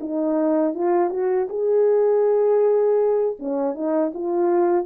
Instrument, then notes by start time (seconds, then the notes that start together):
horn
0.00 D#4
0.74 F4
1.10 F#4
1.49 G#4
3.39 C#4
3.74 D#4
4.14 F4